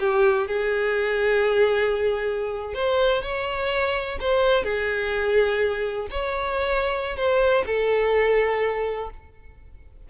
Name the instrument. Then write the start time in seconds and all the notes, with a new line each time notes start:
violin
0.00 G4
0.48 G#4
2.74 C5
3.23 C#5
4.20 C5
4.64 G#4
6.11 C#5
7.17 C5
7.66 A4